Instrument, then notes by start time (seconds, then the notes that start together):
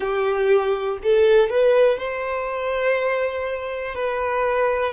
violin
0.00 G4
1.03 A4
1.49 B4
1.98 C5
3.94 B4